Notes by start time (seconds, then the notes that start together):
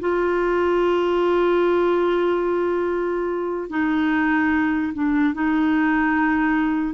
0.00 F4
3.69 D#4
4.94 D4
5.34 D#4